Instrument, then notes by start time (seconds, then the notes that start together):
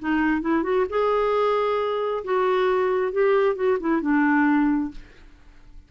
clarinet
0.00 D#4
0.42 E4
0.64 F#4
0.90 G#4
2.25 F#4
3.13 G4
3.56 F#4
3.80 E4
4.02 D4